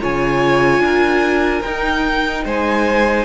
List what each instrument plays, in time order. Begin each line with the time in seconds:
0.00 cello C#3, viola F4, violin C#5 G#5
0.79 cello D4, violin A#4
1.62 cello D#4, viola D#4, violin G5
2.44 cello G#3, violin C5 G#5